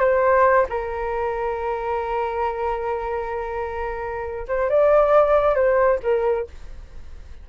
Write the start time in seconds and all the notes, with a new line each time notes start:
0.00 C5
0.69 A#4
4.48 C5
4.70 D5
5.56 C5
6.03 A#4